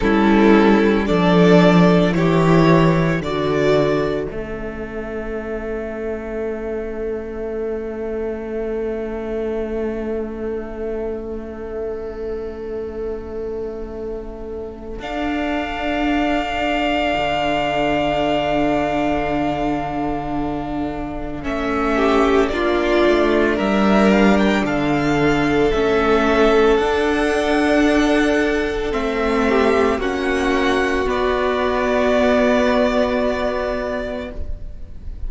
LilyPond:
<<
  \new Staff \with { instrumentName = "violin" } { \time 4/4 \tempo 4 = 56 a'4 d''4 cis''4 d''4 | e''1~ | e''1~ | e''2 f''2~ |
f''1 | e''4 d''4 e''8 f''16 g''16 f''4 | e''4 fis''2 e''4 | fis''4 d''2. | }
  \new Staff \with { instrumentName = "violin" } { \time 4/4 e'4 a'4 g'4 a'4~ | a'1~ | a'1~ | a'1~ |
a'1~ | a'8 g'8 f'4 ais'4 a'4~ | a'2.~ a'8 g'8 | fis'1 | }
  \new Staff \with { instrumentName = "viola" } { \time 4/4 cis'4 d'4 e'4 fis'4 | cis'1~ | cis'1~ | cis'2 d'2~ |
d'1 | cis'4 d'2. | cis'4 d'2 c'4 | cis'4 b2. | }
  \new Staff \with { instrumentName = "cello" } { \time 4/4 g4 f4 e4 d4 | a1~ | a1~ | a2 d'2 |
d1 | a4 ais8 a8 g4 d4 | a4 d'2 a4 | ais4 b2. | }
>>